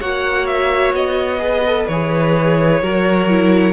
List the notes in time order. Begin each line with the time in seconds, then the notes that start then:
0.00 A#3 F#4 C#5 F#5
0.47 E5
0.93 B3 D#5
1.39 G#4 B4
1.67 A4
1.87 E3 G#4 C#5
2.82 F#3 F#4 A#4
3.30 E4